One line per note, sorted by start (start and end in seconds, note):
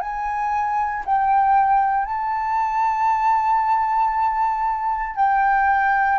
0.00 1.03 G#5
1.05 2.05 G5
2.05 5.15 A5
5.15 6.18 G5